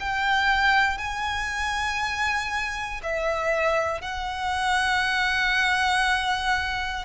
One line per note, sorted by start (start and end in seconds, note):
0.00 0.98 G5
0.98 3.01 G#5
3.03 4.02 E5
4.02 7.05 F#5